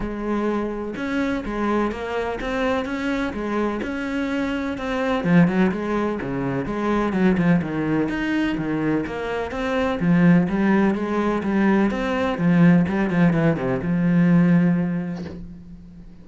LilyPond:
\new Staff \with { instrumentName = "cello" } { \time 4/4 \tempo 4 = 126 gis2 cis'4 gis4 | ais4 c'4 cis'4 gis4 | cis'2 c'4 f8 fis8 | gis4 cis4 gis4 fis8 f8 |
dis4 dis'4 dis4 ais4 | c'4 f4 g4 gis4 | g4 c'4 f4 g8 f8 | e8 c8 f2. | }